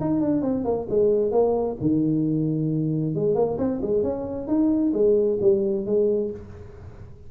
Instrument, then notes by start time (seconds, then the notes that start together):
tuba
0.00 D#4
0.20 D4
0.42 C4
0.64 A#3
0.89 G#3
1.31 A#3
1.80 D#3
3.15 G#3
3.35 A#3
3.58 C4
3.82 G#3
4.03 C#4
4.47 D#4
4.93 G#3
5.41 G3
5.86 G#3